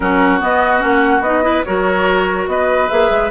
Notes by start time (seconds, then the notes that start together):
0.00 F#3 C#4 F#4 A#4
0.40 B3 D#5
0.79 A#3 C#4
0.85 F#5
1.20 B3 D#4 D#5
1.42 E4 B4
1.64 F#3 F#4 A#4 C#5
2.47 B3 B4 D#5
2.88 A#3 G#4 E5
3.10 G#3